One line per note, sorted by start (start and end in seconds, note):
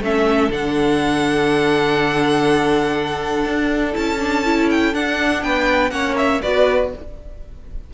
0.00 0.49 A3
0.00 0.50 C#4
0.00 5.42 A4
0.00 0.52 E5
0.50 3.45 D3
0.50 3.93 D4
0.50 3.95 F#5
3.45 3.94 D4
3.93 4.94 C#4
3.93 4.17 E4
3.93 4.69 A5
4.19 4.44 D4
4.44 4.93 E4
4.70 4.94 G5
4.93 5.91 D4
4.93 5.43 D4
4.93 5.43 F#5
5.42 5.91 B3
5.42 5.91 B4
5.42 5.90 G5
5.90 6.40 A#3
5.90 6.40 C#4
5.90 6.42 C#5
5.90 6.15 F#5
6.16 6.41 E5
6.42 6.93 B3
6.42 6.92 F#4
6.42 6.91 B4
6.42 6.91 D5